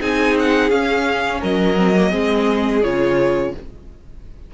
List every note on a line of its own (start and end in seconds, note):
0.00 0.70 C4
0.00 0.71 D#4
0.00 1.40 G#4
0.00 0.37 G#5
0.40 0.71 F#5
0.70 1.41 C#4
0.70 1.77 C#4
0.70 1.41 F5
1.40 2.14 F#3
1.40 2.10 A#4
1.40 2.83 D#5
1.77 1.95 C4
1.96 2.11 A#3
2.10 2.84 G#3
2.10 2.81 C4
2.10 3.51 G#4
2.83 3.54 C#3
2.83 3.54 F4
2.83 3.54 C#5